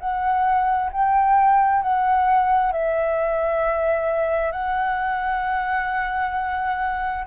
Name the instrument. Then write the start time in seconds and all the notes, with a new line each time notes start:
flute
0.00 F#5
0.93 G5
1.83 F#5
2.72 E5
4.52 F#5